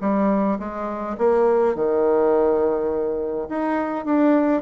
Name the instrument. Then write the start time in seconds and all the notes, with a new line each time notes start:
bassoon
0.00 G3
0.59 G#3
1.17 A#3
1.75 D#3
3.49 D#4
4.05 D4